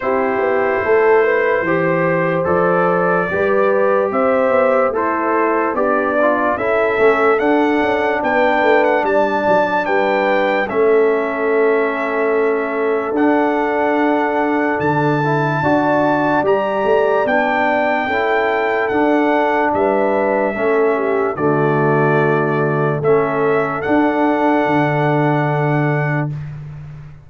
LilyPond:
<<
  \new Staff \with { instrumentName = "trumpet" } { \time 4/4 \tempo 4 = 73 c''2. d''4~ | d''4 e''4 c''4 d''4 | e''4 fis''4 g''8. fis''16 a''4 | g''4 e''2. |
fis''2 a''2 | ais''4 g''2 fis''4 | e''2 d''2 | e''4 fis''2. | }
  \new Staff \with { instrumentName = "horn" } { \time 4/4 g'4 a'8 b'8 c''2 | b'4 c''4 e'4 d'4 | a'2 b'4 d''4 | b'4 a'2.~ |
a'2. d''4~ | d''2 a'2 | b'4 a'8 g'8 fis'2 | a'1 | }
  \new Staff \with { instrumentName = "trombone" } { \time 4/4 e'2 g'4 a'4 | g'2 a'4 g'8 f'8 | e'8 cis'8 d'2.~ | d'4 cis'2. |
d'2~ d'8 e'8 fis'4 | g'4 d'4 e'4 d'4~ | d'4 cis'4 a2 | cis'4 d'2. | }
  \new Staff \with { instrumentName = "tuba" } { \time 4/4 c'8 b8 a4 e4 f4 | g4 c'8 b8 a4 b4 | cis'8 a8 d'8 cis'8 b8 a8 g8 fis8 | g4 a2. |
d'2 d4 d'4 | g8 a8 b4 cis'4 d'4 | g4 a4 d2 | a4 d'4 d2 | }
>>